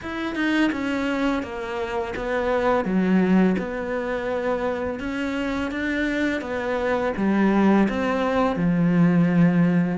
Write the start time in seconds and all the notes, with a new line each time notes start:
0.02 E4
0.35 D#4
0.71 C#4
1.42 A#3
2.16 B3
2.84 F#3
3.58 B3
4.99 C#4
5.71 D4
6.41 B3
7.16 G3
7.88 C4
8.56 F3